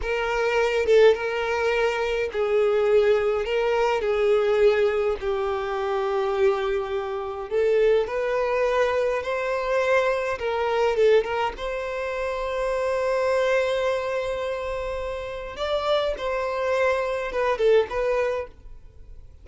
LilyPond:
\new Staff \with { instrumentName = "violin" } { \time 4/4 \tempo 4 = 104 ais'4. a'8 ais'2 | gis'2 ais'4 gis'4~ | gis'4 g'2.~ | g'4 a'4 b'2 |
c''2 ais'4 a'8 ais'8 | c''1~ | c''2. d''4 | c''2 b'8 a'8 b'4 | }